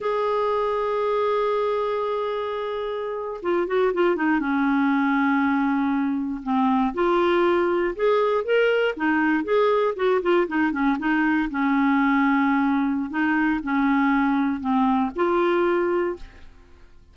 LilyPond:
\new Staff \with { instrumentName = "clarinet" } { \time 4/4 \tempo 4 = 119 gis'1~ | gis'2~ gis'8. f'8 fis'8 f'16~ | f'16 dis'8 cis'2.~ cis'16~ | cis'8. c'4 f'2 gis'16~ |
gis'8. ais'4 dis'4 gis'4 fis'16~ | fis'16 f'8 dis'8 cis'8 dis'4 cis'4~ cis'16~ | cis'2 dis'4 cis'4~ | cis'4 c'4 f'2 | }